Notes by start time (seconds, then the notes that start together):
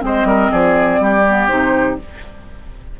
0.00 G#3 C4 C5 D#5
0.24 G3 A#4
0.51 F3 G#4 D5
1.00 G3 G4
1.28 B3
1.48 C3 D#4 C5